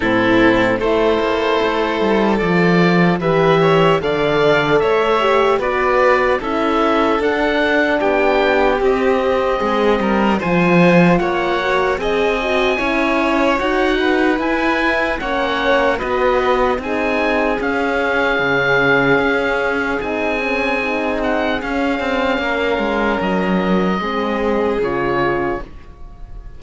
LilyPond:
<<
  \new Staff \with { instrumentName = "oboe" } { \time 4/4 \tempo 4 = 75 a'4 c''2 d''4 | e''4 f''4 e''4 d''4 | e''4 fis''4 g''4 dis''4~ | dis''4 gis''4 fis''4 gis''4~ |
gis''4 fis''4 gis''4 fis''4 | dis''4 gis''4 f''2~ | f''4 gis''4. fis''8 f''4~ | f''4 dis''2 cis''4 | }
  \new Staff \with { instrumentName = "violin" } { \time 4/4 e'4 a'2. | b'8 cis''8 d''4 cis''4 b'4 | a'2 g'2 | gis'8 ais'8 c''4 cis''4 dis''4 |
cis''4. b'4. cis''4 | b'4 gis'2.~ | gis'1 | ais'2 gis'2 | }
  \new Staff \with { instrumentName = "horn" } { \time 4/4 c'4 e'2 f'4 | g'4 a'4. g'8 fis'4 | e'4 d'2 c'4~ | c'4 f'4. fis'8 gis'8 fis'8 |
e'4 fis'4 e'4 cis'4 | fis'4 dis'4 cis'2~ | cis'4 dis'8 cis'8 dis'4 cis'4~ | cis'2 c'4 f'4 | }
  \new Staff \with { instrumentName = "cello" } { \time 4/4 a,4 a8 ais8 a8 g8 f4 | e4 d4 a4 b4 | cis'4 d'4 b4 c'4 | gis8 g8 f4 ais4 c'4 |
cis'4 dis'4 e'4 ais4 | b4 c'4 cis'4 cis4 | cis'4 c'2 cis'8 c'8 | ais8 gis8 fis4 gis4 cis4 | }
>>